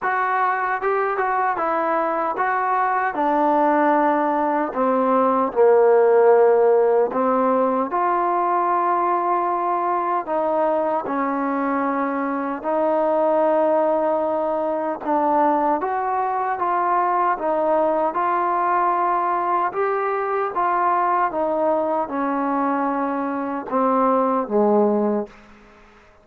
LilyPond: \new Staff \with { instrumentName = "trombone" } { \time 4/4 \tempo 4 = 76 fis'4 g'8 fis'8 e'4 fis'4 | d'2 c'4 ais4~ | ais4 c'4 f'2~ | f'4 dis'4 cis'2 |
dis'2. d'4 | fis'4 f'4 dis'4 f'4~ | f'4 g'4 f'4 dis'4 | cis'2 c'4 gis4 | }